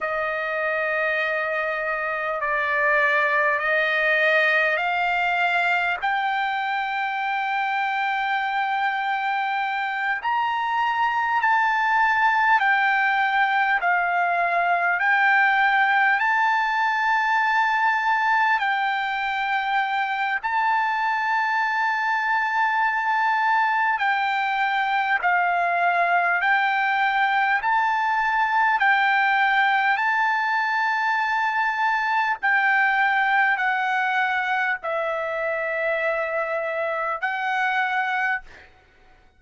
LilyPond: \new Staff \with { instrumentName = "trumpet" } { \time 4/4 \tempo 4 = 50 dis''2 d''4 dis''4 | f''4 g''2.~ | g''8 ais''4 a''4 g''4 f''8~ | f''8 g''4 a''2 g''8~ |
g''4 a''2. | g''4 f''4 g''4 a''4 | g''4 a''2 g''4 | fis''4 e''2 fis''4 | }